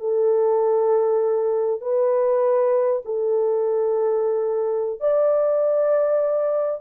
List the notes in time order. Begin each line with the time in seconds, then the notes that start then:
0.00 A4
1.82 B4
3.05 A4
5.01 D5